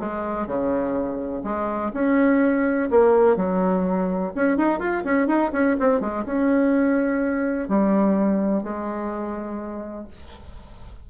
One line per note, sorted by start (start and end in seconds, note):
0.00 0.47 G#3
0.47 1.43 C#3
1.44 1.92 G#3
1.94 2.90 C#4
2.90 3.37 A#3
3.37 4.33 F#3
4.35 4.58 C#4
4.58 4.79 D#4
4.79 5.03 F4
5.05 5.28 C#4
5.28 5.52 D#4
5.53 5.77 C#4
5.80 6.01 C4
6.01 6.25 G#3
6.26 7.69 C#4
7.69 8.63 G3
8.63 10.07 G#3